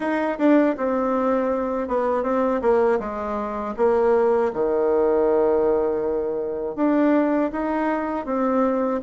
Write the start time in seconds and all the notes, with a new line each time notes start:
0.00 D#4
0.38 D4
0.77 C4
1.88 B3
2.23 C4
2.61 A#3
2.99 G#3
3.76 A#3
4.53 D#3
6.75 D4
7.51 D#4
8.25 C4